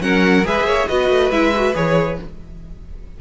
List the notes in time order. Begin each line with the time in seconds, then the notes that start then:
0.00 F#3 C#4 A#4 F#5
0.45 G#3 G#4 B4 E5
0.63 A#3 C#5
0.88 B3 F#4 B4 D#5
1.10 A3
1.31 G#3 E4 E5
1.56 F#4
1.74 E3 G#4 C#5